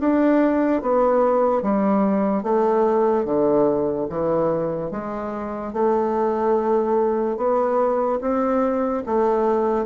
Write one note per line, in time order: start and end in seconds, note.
0.00 0.82 D4
0.82 1.63 B3
1.63 2.43 G3
2.43 3.25 A3
3.25 4.07 D3
4.09 4.91 E3
4.91 5.73 G#3
5.73 7.37 A3
7.37 8.19 B3
8.21 9.03 C4
9.06 9.86 A3